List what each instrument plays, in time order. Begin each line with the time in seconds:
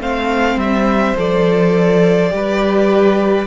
0.00 cello A3, viola C4, violin C5 F5
0.56 cello G3, violin E5
1.17 cello F3, viola A4, violin D5
2.30 cello G3, viola G4, violin B4